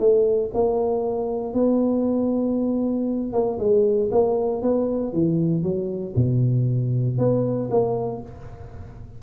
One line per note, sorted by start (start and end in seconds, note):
0.00 0.51 A3
0.55 1.54 A#3
1.54 3.33 B3
3.33 3.59 A#3
3.59 4.10 G#3
4.12 4.62 A#3
4.62 5.13 B3
5.13 5.63 E3
5.63 6.15 F#3
6.16 7.18 B2
7.19 7.70 B3
7.71 8.22 A#3